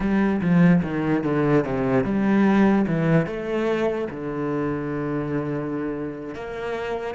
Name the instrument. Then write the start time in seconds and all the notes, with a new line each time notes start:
cello
0.00 G3
0.41 F3
0.82 D#3
1.23 D3
1.64 C3
2.04 G3
2.87 E3
3.26 A3
4.10 D3
6.34 A#3